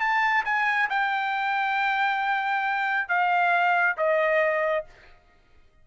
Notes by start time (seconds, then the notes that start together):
0.00 A5
0.45 G#5
0.90 G5
3.08 F5
3.97 D#5